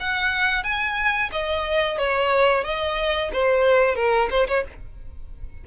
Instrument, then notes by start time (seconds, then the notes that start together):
violin
0.00 F#5
0.63 G#5
1.32 D#5
1.98 C#5
2.64 D#5
3.33 C5
3.95 A#4
4.30 C5
4.48 C#5